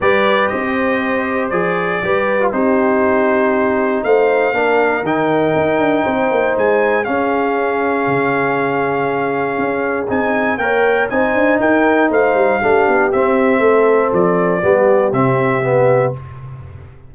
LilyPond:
<<
  \new Staff \with { instrumentName = "trumpet" } { \time 4/4 \tempo 4 = 119 d''4 dis''2 d''4~ | d''4 c''2. | f''2 g''2~ | g''4 gis''4 f''2~ |
f''1 | gis''4 g''4 gis''4 g''4 | f''2 e''2 | d''2 e''2 | }
  \new Staff \with { instrumentName = "horn" } { \time 4/4 b'4 c''2. | b'4 g'2. | c''4 ais'2. | c''2 gis'2~ |
gis'1~ | gis'4 cis''4 c''4 ais'4 | c''4 g'2 a'4~ | a'4 g'2. | }
  \new Staff \with { instrumentName = "trombone" } { \time 4/4 g'2. gis'4 | g'8. f'16 dis'2.~ | dis'4 d'4 dis'2~ | dis'2 cis'2~ |
cis'1 | dis'4 ais'4 dis'2~ | dis'4 d'4 c'2~ | c'4 b4 c'4 b4 | }
  \new Staff \with { instrumentName = "tuba" } { \time 4/4 g4 c'2 f4 | g4 c'2. | a4 ais4 dis4 dis'8 d'8 | c'8 ais8 gis4 cis'2 |
cis2. cis'4 | c'4 ais4 c'8 d'8 dis'4 | a8 g8 a8 b8 c'4 a4 | f4 g4 c2 | }
>>